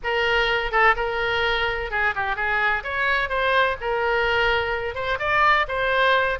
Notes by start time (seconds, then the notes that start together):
0.03 A#4
0.71 A4
0.96 A#4
1.90 G#4
2.15 G4
2.36 G#4
2.83 C#5
3.29 C5
3.81 A#4
4.95 C5
5.19 D5
5.67 C5